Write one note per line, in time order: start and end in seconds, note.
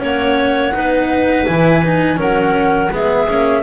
0.00 0.74 A#3
0.00 0.72 C#4
0.00 0.74 C#5
0.00 1.46 F#5
0.74 1.47 B3
0.74 1.47 D#4
0.74 2.19 B4
1.46 2.18 E3
1.46 1.83 E4
1.46 2.19 G#5
1.85 2.16 D#4
2.16 2.90 F#3
2.16 2.89 C#4
2.16 2.92 A#4
2.16 2.93 F#5
2.92 3.29 G#3
2.92 3.28 B3
2.92 3.63 G#4
2.92 3.63 E5
3.29 3.63 A#3
3.29 3.63 C#4